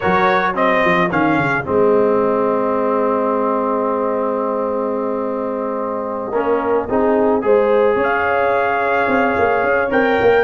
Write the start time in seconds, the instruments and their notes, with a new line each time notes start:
0.00 tuba F#3, trombone F#4, horn A#4, trumpet C#5
0.54 trombone C4, horn G#4, trumpet D#5
0.84 tuba F3
1.10 tuba D#3, trombone C#4, trumpet F5
1.37 tuba C#3
1.64 tuba G#3, trombone C4, trumpet D#5
6.31 tuba A#3, trombone C#4, horn A#4
6.89 tuba C4, trombone D#4, horn G#4
7.41 tuba G#3, trombone G#4, horn C5
7.95 tuba C#4, horn C#5
8.03 trumpet F5
9.07 tuba C4
9.38 tuba A#3
9.63 tuba C#4
9.90 tuba C4, trombone A#4, trumpet G5
10.21 tuba A#3